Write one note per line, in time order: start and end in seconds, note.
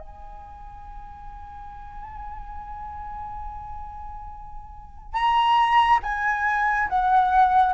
0.00 5.14 G#5
5.14 6.00 A#5
6.03 6.88 G#5
6.89 7.74 F#5